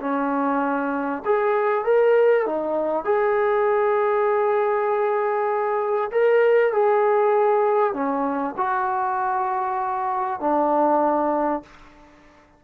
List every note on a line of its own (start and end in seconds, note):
0.00 1.22 C#4
1.25 1.84 G#4
1.84 2.45 A#4
2.45 3.04 D#4
3.04 6.10 G#4
6.11 6.72 A#4
6.72 7.93 G#4
7.93 8.54 C#4
8.57 10.40 F#4
10.40 11.62 D4